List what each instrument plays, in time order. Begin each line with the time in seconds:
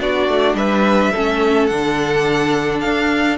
0.00 cello B3, viola D4, violin F#4 D5
0.28 cello A3
0.54 cello G3, violin B4 E5
1.12 cello A3, viola C#4, violin A4
1.66 cello D3, viola D4, violin F#5
2.80 cello D4, violin F5